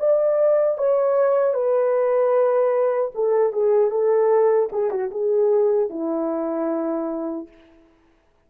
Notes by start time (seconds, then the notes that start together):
0.00 D5
0.78 C#5
1.54 B4
3.15 A4
3.53 G#4
3.91 A4
4.73 G#4
4.91 F#4
5.11 G#4
5.90 E4